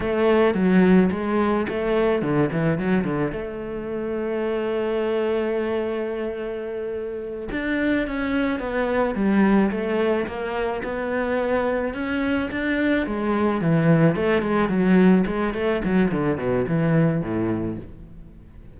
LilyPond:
\new Staff \with { instrumentName = "cello" } { \time 4/4 \tempo 4 = 108 a4 fis4 gis4 a4 | d8 e8 fis8 d8 a2~ | a1~ | a4. d'4 cis'4 b8~ |
b8 g4 a4 ais4 b8~ | b4. cis'4 d'4 gis8~ | gis8 e4 a8 gis8 fis4 gis8 | a8 fis8 d8 b,8 e4 a,4 | }